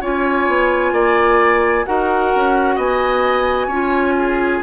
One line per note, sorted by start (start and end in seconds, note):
0.00 0.47 C#4
0.00 1.85 F4
0.00 0.92 C#5
0.00 1.85 G#5
0.47 0.92 B3
0.92 1.84 A#3
0.92 1.85 D5
1.85 2.34 D#4
1.85 3.70 F#4
1.85 2.75 A#4
1.85 2.78 F#5
2.35 2.77 C#4
2.75 3.67 B3
2.75 3.67 D#5
2.75 4.62 G#5
3.67 4.59 C#4
3.67 4.62 F4
3.67 4.13 C#5
4.17 4.62 G#4